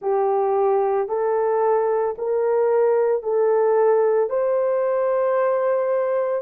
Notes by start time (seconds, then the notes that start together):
0.01 G4
1.08 A4
2.18 A#4
3.22 A4
4.29 C5